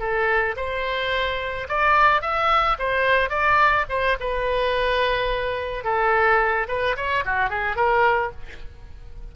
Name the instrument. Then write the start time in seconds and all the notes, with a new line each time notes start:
oboe
0.00 A4
0.57 C5
1.69 D5
2.22 E5
2.79 C5
3.30 D5
3.90 C5
4.20 B4
5.84 A4
6.68 B4
6.97 C#5
7.26 F#4
7.50 G#4
7.76 A#4